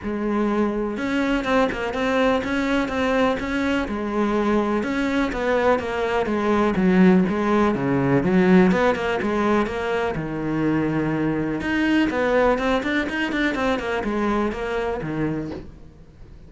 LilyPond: \new Staff \with { instrumentName = "cello" } { \time 4/4 \tempo 4 = 124 gis2 cis'4 c'8 ais8 | c'4 cis'4 c'4 cis'4 | gis2 cis'4 b4 | ais4 gis4 fis4 gis4 |
cis4 fis4 b8 ais8 gis4 | ais4 dis2. | dis'4 b4 c'8 d'8 dis'8 d'8 | c'8 ais8 gis4 ais4 dis4 | }